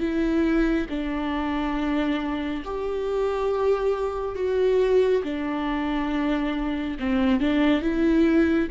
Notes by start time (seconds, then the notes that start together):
0.00 E4
0.90 D4
2.65 G4
4.36 F#4
5.24 D4
7.00 C4
7.40 D4
7.82 E4